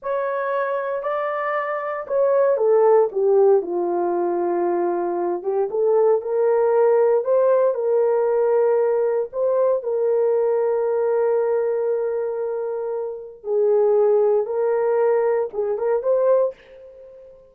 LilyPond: \new Staff \with { instrumentName = "horn" } { \time 4/4 \tempo 4 = 116 cis''2 d''2 | cis''4 a'4 g'4 f'4~ | f'2~ f'8 g'8 a'4 | ais'2 c''4 ais'4~ |
ais'2 c''4 ais'4~ | ais'1~ | ais'2 gis'2 | ais'2 gis'8 ais'8 c''4 | }